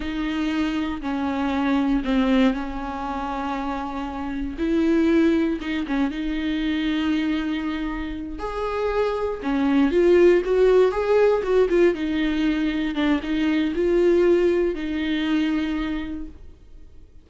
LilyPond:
\new Staff \with { instrumentName = "viola" } { \time 4/4 \tempo 4 = 118 dis'2 cis'2 | c'4 cis'2.~ | cis'4 e'2 dis'8 cis'8 | dis'1~ |
dis'8 gis'2 cis'4 f'8~ | f'8 fis'4 gis'4 fis'8 f'8 dis'8~ | dis'4. d'8 dis'4 f'4~ | f'4 dis'2. | }